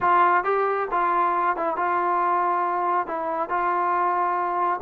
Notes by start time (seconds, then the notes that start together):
0.01 F4
0.44 G4
0.91 F4
1.56 E4
1.76 F4
3.06 E4
3.49 F4